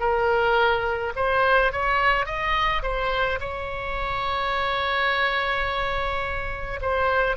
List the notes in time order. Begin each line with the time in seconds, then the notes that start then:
0.00 A#4
1.16 C5
1.72 C#5
2.26 D#5
2.83 C5
3.41 C#5
6.82 C5